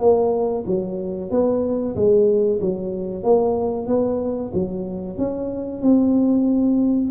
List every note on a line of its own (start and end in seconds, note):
0.00 0.65 A#3
0.67 1.31 F#3
1.31 1.95 B3
1.96 2.60 G#3
2.61 3.23 F#3
3.23 3.87 A#3
3.87 4.52 B3
4.54 5.18 F#3
5.18 5.82 C#4
5.82 7.11 C4